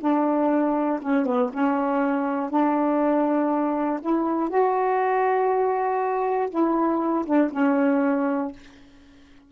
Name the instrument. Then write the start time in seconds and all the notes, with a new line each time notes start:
saxophone
0.00 D4
1.01 C#4
1.25 B3
1.53 C#4
2.50 D4
4.01 E4
4.50 F#4
6.50 E4
7.25 D4
7.52 C#4